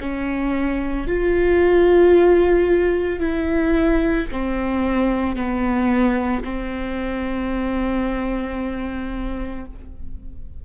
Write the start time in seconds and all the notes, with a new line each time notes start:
0.00 C#4
1.07 F4
3.19 E4
4.31 C4
5.36 B3
6.43 C4